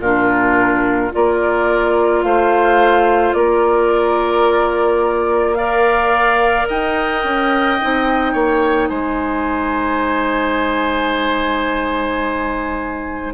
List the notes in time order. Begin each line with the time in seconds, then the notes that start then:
0.00 A#2 D4 F4 A#4
1.12 A#3 F4 A#4 D5
2.23 A3 C5 F5
3.34 A#3 A#4 D5
5.55 A#4 D5 F5
6.69 D#4 D#5 G5
7.24 C#4
7.82 C4 D#4
8.33 A#3 C#5
8.89 G#3 C5 G#5